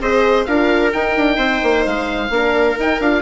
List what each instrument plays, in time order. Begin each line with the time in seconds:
0.00 bassoon C4, horn G#4, viola C5, oboe D#5
0.45 bassoon D4, horn F4, viola A#4, oboe F5
0.92 bassoon D#4, horn D#4, oboe G5
1.16 bassoon D4
1.37 bassoon C4, viola C5
1.63 bassoon A#3
1.86 bassoon G#3, oboe F5
2.30 bassoon A#3, horn D4, viola A#4
2.76 horn D#4, bassoon D#4, oboe G5
3.00 bassoon D4, horn F4, oboe F5